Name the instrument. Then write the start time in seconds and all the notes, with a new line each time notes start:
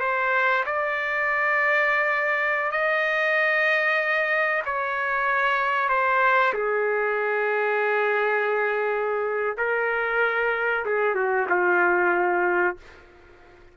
trumpet
0.00 C5
0.66 D5
2.71 D#5
4.65 C#5
5.89 C5
6.53 G#4
9.57 A#4
10.85 G#4
11.15 F#4
11.49 F4